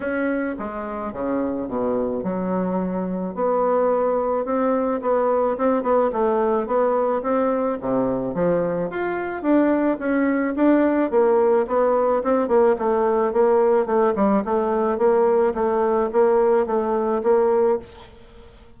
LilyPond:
\new Staff \with { instrumentName = "bassoon" } { \time 4/4 \tempo 4 = 108 cis'4 gis4 cis4 b,4 | fis2 b2 | c'4 b4 c'8 b8 a4 | b4 c'4 c4 f4 |
f'4 d'4 cis'4 d'4 | ais4 b4 c'8 ais8 a4 | ais4 a8 g8 a4 ais4 | a4 ais4 a4 ais4 | }